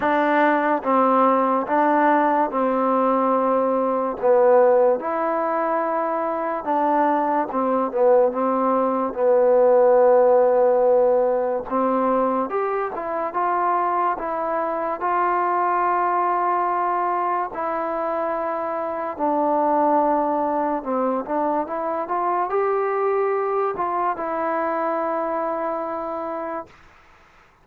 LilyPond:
\new Staff \with { instrumentName = "trombone" } { \time 4/4 \tempo 4 = 72 d'4 c'4 d'4 c'4~ | c'4 b4 e'2 | d'4 c'8 b8 c'4 b4~ | b2 c'4 g'8 e'8 |
f'4 e'4 f'2~ | f'4 e'2 d'4~ | d'4 c'8 d'8 e'8 f'8 g'4~ | g'8 f'8 e'2. | }